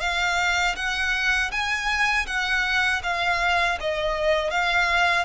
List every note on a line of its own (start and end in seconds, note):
0.00 0.75 F5
0.76 1.51 F#5
1.51 2.26 G#5
2.26 3.01 F#5
3.03 3.78 F5
3.80 4.50 D#5
4.50 5.25 F5